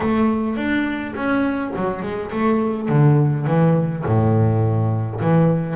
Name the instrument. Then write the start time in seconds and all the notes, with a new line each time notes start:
double bass
0.00 A3
0.56 D4
1.15 C#4
1.76 F#3
2.02 G#3
2.31 A3
2.88 D3
3.46 E3
4.05 A2
5.20 E3